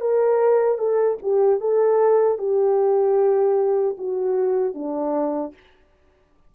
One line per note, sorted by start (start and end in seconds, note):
0.00 0.78 A#4
0.78 1.17 A4
1.22 1.60 G4
1.60 2.38 A4
2.38 3.96 G4
3.98 4.74 F#4
4.74 5.53 D4